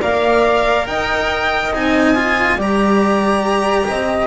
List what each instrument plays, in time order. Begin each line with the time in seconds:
0.00 double bass A#3, cello A#4, flute D5, violin F5
0.87 double bass D#4, flute D#5, violin G5
1.73 double bass C4, cello D#4, violin G#5
2.15 cello F4
2.56 double bass G3, cello G4, flute D5, violin A#5
3.88 double bass C4, flute D#5